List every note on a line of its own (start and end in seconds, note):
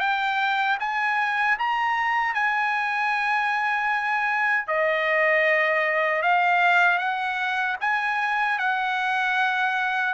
0.00 0.78 G5
0.80 1.58 G#5
1.59 2.34 A#5
2.34 4.68 G#5
4.68 6.23 D#5
6.23 6.98 F5
6.98 7.76 F#5
7.81 8.59 G#5
8.59 10.14 F#5